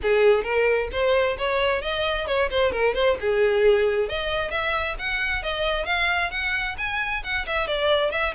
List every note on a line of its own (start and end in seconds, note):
0.02 0.43 G#4
0.43 0.88 A#4
0.91 1.37 C5
1.37 1.81 C#5
1.81 2.26 D#5
2.27 2.49 C#5
2.50 2.71 C5
2.71 2.94 A#4
2.94 3.17 C5
3.20 4.08 G#4
4.08 4.50 D#5
4.50 4.95 E5
4.98 5.43 F#5
5.43 5.85 D#5
5.85 6.30 F5
6.30 6.75 F#5
6.78 7.23 G#5
7.23 7.46 F#5
7.46 7.67 E5
7.67 8.11 D5
8.11 8.34 E5